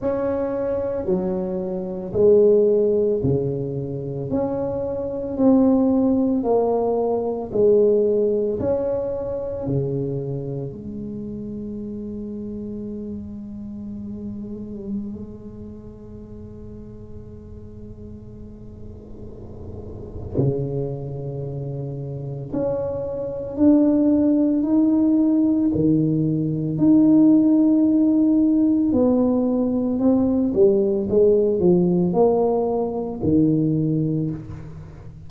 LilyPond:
\new Staff \with { instrumentName = "tuba" } { \time 4/4 \tempo 4 = 56 cis'4 fis4 gis4 cis4 | cis'4 c'4 ais4 gis4 | cis'4 cis4 gis2~ | gis1~ |
gis2. cis4~ | cis4 cis'4 d'4 dis'4 | dis4 dis'2 b4 | c'8 g8 gis8 f8 ais4 dis4 | }